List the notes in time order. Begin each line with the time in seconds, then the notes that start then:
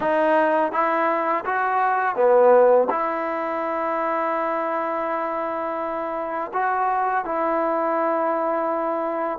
0.00 D#4
0.72 E4
1.45 F#4
2.15 B3
2.89 E4
6.53 F#4
7.25 E4